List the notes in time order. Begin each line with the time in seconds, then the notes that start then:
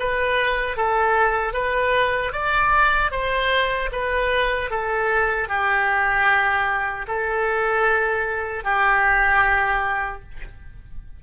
0.00 B4
0.78 A4
1.54 B4
2.33 D5
3.11 C5
3.93 B4
4.71 A4
5.49 G4
7.08 A4
8.64 G4